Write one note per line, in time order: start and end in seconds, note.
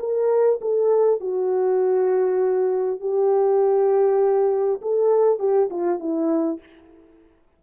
0.00 0.60 A#4
0.61 1.21 A4
1.21 3.01 F#4
3.01 4.81 G4
4.82 5.39 A4
5.39 5.69 G4
5.71 6.00 F4
6.00 6.60 E4